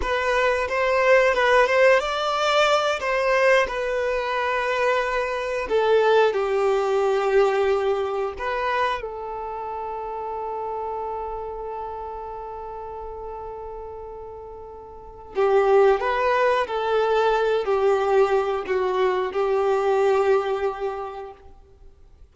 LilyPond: \new Staff \with { instrumentName = "violin" } { \time 4/4 \tempo 4 = 90 b'4 c''4 b'8 c''8 d''4~ | d''8 c''4 b'2~ b'8~ | b'8 a'4 g'2~ g'8~ | g'8 b'4 a'2~ a'8~ |
a'1~ | a'2. g'4 | b'4 a'4. g'4. | fis'4 g'2. | }